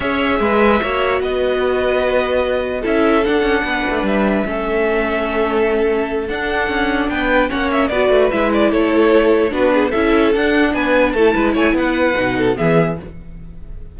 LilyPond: <<
  \new Staff \with { instrumentName = "violin" } { \time 4/4 \tempo 4 = 148 e''2. dis''4~ | dis''2. e''4 | fis''2 e''2~ | e''2.~ e''8 fis''8~ |
fis''4. g''4 fis''8 e''8 d''8~ | d''8 e''8 d''8 cis''2 b'8~ | b'8 e''4 fis''4 gis''4 a''8~ | a''8 gis''8 fis''2 e''4 | }
  \new Staff \with { instrumentName = "violin" } { \time 4/4 cis''4 b'4 cis''4 b'4~ | b'2. a'4~ | a'4 b'2 a'4~ | a'1~ |
a'4. b'4 cis''4 b'8~ | b'4. a'2 fis'8 | gis'8 a'2 b'4 a'8 | b'8 cis''8 b'4. a'8 gis'4 | }
  \new Staff \with { instrumentName = "viola" } { \time 4/4 gis'2 fis'2~ | fis'2. e'4 | d'2. cis'4~ | cis'2.~ cis'8 d'8~ |
d'2~ d'8 cis'4 fis'8~ | fis'8 e'2. d'8~ | d'8 e'4 d'2 e'8~ | e'2 dis'4 b4 | }
  \new Staff \with { instrumentName = "cello" } { \time 4/4 cis'4 gis4 ais4 b4~ | b2. cis'4 | d'8 cis'8 b8 a8 g4 a4~ | a2.~ a8 d'8~ |
d'8 cis'4 b4 ais4 b8 | a8 gis4 a2 b8~ | b8 cis'4 d'4 b4 a8 | gis8 a8 b4 b,4 e4 | }
>>